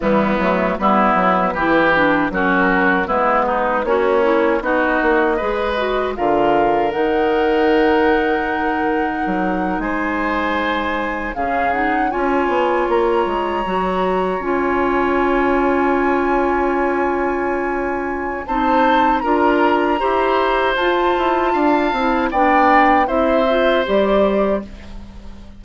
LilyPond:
<<
  \new Staff \with { instrumentName = "flute" } { \time 4/4 \tempo 4 = 78 e'4 b'2 ais'4 | b'4 cis''4 dis''2 | f''4 fis''2.~ | fis''8. gis''2 f''8 fis''8 gis''16~ |
gis''8. ais''2 gis''4~ gis''16~ | gis''1 | a''4 ais''2 a''4~ | a''4 g''4 e''4 d''4 | }
  \new Staff \with { instrumentName = "oboe" } { \time 4/4 b4 e'4 g'4 fis'4 | e'8 dis'8 cis'4 fis'4 b'4 | ais'1~ | ais'8. c''2 gis'4 cis''16~ |
cis''1~ | cis''1 | c''4 ais'4 c''2 | f''4 d''4 c''2 | }
  \new Staff \with { instrumentName = "clarinet" } { \time 4/4 g8 a8 b4 e'8 d'8 cis'4 | b4 fis'8 e'8 dis'4 gis'8 fis'8 | f'4 dis'2.~ | dis'2~ dis'8. cis'8 dis'8 f'16~ |
f'4.~ f'16 fis'4 f'4~ f'16~ | f'1 | dis'4 f'4 g'4 f'4~ | f'8 e'8 d'4 e'8 f'8 g'4 | }
  \new Staff \with { instrumentName = "bassoon" } { \time 4/4 e8 fis8 g8 fis8 e4 fis4 | gis4 ais4 b8 ais8 gis4 | d4 dis2. | fis8. gis2 cis4 cis'16~ |
cis'16 b8 ais8 gis8 fis4 cis'4~ cis'16~ | cis'1 | c'4 d'4 e'4 f'8 e'8 | d'8 c'8 b4 c'4 g4 | }
>>